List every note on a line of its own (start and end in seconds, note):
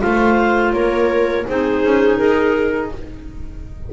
0.00 0.73 A3
0.00 1.45 F4
0.00 0.73 C5
0.00 0.73 F5
0.73 1.45 A#3
0.73 1.47 A#4
0.73 1.45 C#5
1.47 1.84 C4
1.47 2.93 D#4
1.47 2.91 G#4
1.47 2.17 C5
1.84 2.20 C#4
2.17 2.92 D#4
2.17 2.89 A#4